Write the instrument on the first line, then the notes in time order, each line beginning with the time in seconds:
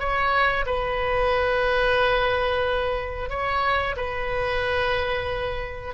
oboe
0.00 C#5
0.67 B4
3.30 C#5
3.97 B4